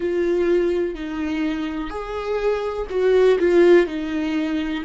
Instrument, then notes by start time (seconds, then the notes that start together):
viola
0.00 F4
0.95 D#4
1.90 G#4
2.89 F#4
3.39 F4
3.87 D#4